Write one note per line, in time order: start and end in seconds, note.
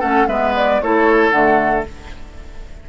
0.00 0.27 A3
0.00 0.28 C#4
0.00 0.27 A4
0.00 0.27 F#5
0.27 0.80 G#3
0.27 0.83 B3
0.27 0.82 B4
0.27 0.54 E5
0.56 0.81 D5
0.81 1.32 A3
0.81 1.33 E4
0.81 1.89 A4
0.81 1.30 C#5
1.30 1.85 D3
1.30 1.86 A3
1.30 1.83 F#5